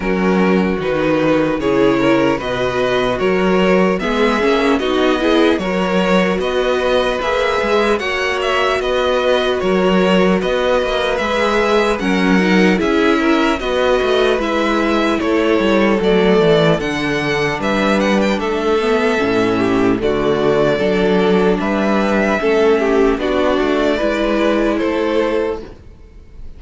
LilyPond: <<
  \new Staff \with { instrumentName = "violin" } { \time 4/4 \tempo 4 = 75 ais'4 b'4 cis''4 dis''4 | cis''4 e''4 dis''4 cis''4 | dis''4 e''4 fis''8 e''8 dis''4 | cis''4 dis''4 e''4 fis''4 |
e''4 dis''4 e''4 cis''4 | d''4 fis''4 e''8 fis''16 g''16 e''4~ | e''4 d''2 e''4~ | e''4 d''2 c''4 | }
  \new Staff \with { instrumentName = "violin" } { \time 4/4 fis'2 gis'8 ais'8 b'4 | ais'4 gis'4 fis'8 gis'8 ais'4 | b'2 cis''4 b'4 | ais'4 b'2 ais'4 |
gis'8 ais'8 b'2 a'4~ | a'2 b'4 a'4~ | a'8 g'8 fis'4 a'4 b'4 | a'8 g'8 fis'4 b'4 a'4 | }
  \new Staff \with { instrumentName = "viola" } { \time 4/4 cis'4 dis'4 e'4 fis'4~ | fis'4 b8 cis'8 dis'8 e'8 fis'4~ | fis'4 gis'4 fis'2~ | fis'2 gis'4 cis'8 dis'8 |
e'4 fis'4 e'2 | a4 d'2~ d'8 b8 | cis'4 a4 d'2 | cis'4 d'4 e'2 | }
  \new Staff \with { instrumentName = "cello" } { \time 4/4 fis4 dis4 cis4 b,4 | fis4 gis8 ais8 b4 fis4 | b4 ais8 gis8 ais4 b4 | fis4 b8 ais8 gis4 fis4 |
cis'4 b8 a8 gis4 a8 g8 | fis8 e8 d4 g4 a4 | a,4 d4 fis4 g4 | a4 b8 a8 gis4 a4 | }
>>